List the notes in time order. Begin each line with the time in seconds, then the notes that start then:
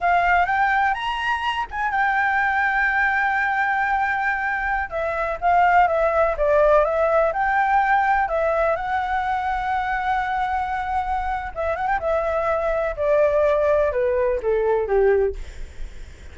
0.00 F5
0.45 G5
0.94 A#5
1.70 G#5
1.91 G5
4.89 E5
5.40 F5
5.87 E5
6.37 D5
6.84 E5
7.32 G5
8.28 E5
8.76 F#5
11.54 E5
11.76 F#5
11.87 G5
11.99 E5
12.96 D5
13.92 B4
14.42 A4
14.87 G4